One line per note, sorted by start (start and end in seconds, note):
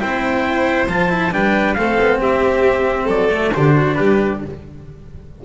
0.00 0.88 C4
0.00 0.88 E4
0.00 1.33 C5
0.00 0.89 G5
0.88 1.32 F3
0.88 1.09 F4
0.88 1.34 A5
1.09 1.31 E4
1.32 1.77 G3
1.32 1.76 D4
1.32 1.77 B4
1.32 1.75 G5
1.75 1.99 A3
1.75 3.30 C4
1.75 2.20 A4
1.75 2.19 F5
2.00 2.22 B3
2.20 3.08 C4
2.20 3.05 G4
2.20 3.10 E5
3.05 3.52 F#3
3.05 3.49 A4
3.05 3.54 D5
3.30 3.52 A3
3.54 3.98 D3
3.54 4.45 D4
3.54 3.76 G4
3.54 3.95 C5
3.76 3.98 F#4
3.95 4.42 G3
3.95 4.42 G4
3.95 4.39 B4